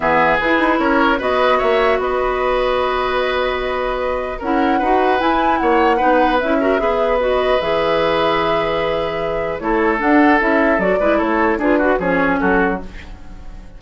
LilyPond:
<<
  \new Staff \with { instrumentName = "flute" } { \time 4/4 \tempo 4 = 150 e''4 b'4 cis''4 dis''4 | e''4 dis''2.~ | dis''2. fis''4~ | fis''4 gis''4 fis''2 |
e''2 dis''4 e''4~ | e''1 | cis''4 fis''4 e''4 d''4 | cis''4 b'4 cis''4 a'4 | }
  \new Staff \with { instrumentName = "oboe" } { \time 4/4 gis'2 ais'4 b'4 | cis''4 b'2.~ | b'2. ais'4 | b'2 cis''4 b'4~ |
b'8 ais'8 b'2.~ | b'1 | a'2.~ a'8 b'8 | a'4 gis'8 fis'8 gis'4 fis'4 | }
  \new Staff \with { instrumentName = "clarinet" } { \time 4/4 b4 e'2 fis'4~ | fis'1~ | fis'2. e'4 | fis'4 e'2 dis'4 |
e'8 fis'8 gis'4 fis'4 gis'4~ | gis'1 | e'4 d'4 e'4 fis'8 e'8~ | e'4 f'8 fis'8 cis'2 | }
  \new Staff \with { instrumentName = "bassoon" } { \time 4/4 e4 e'8 dis'8 cis'4 b4 | ais4 b2.~ | b2. cis'4 | dis'4 e'4 ais4 b4 |
cis'4 b2 e4~ | e1 | a4 d'4 cis'4 fis8 gis8 | a4 d'4 f4 fis4 | }
>>